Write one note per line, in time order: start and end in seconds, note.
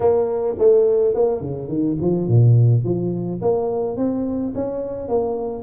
0.00 0.55 A#3
0.58 1.14 A3
1.14 1.40 A#3
1.40 1.68 C#3
1.68 1.96 D#3
2.00 2.28 F3
2.28 2.84 A#2
2.84 3.40 F3
3.41 3.96 A#3
3.96 4.53 C4
4.54 5.08 C#4
5.08 5.63 A#3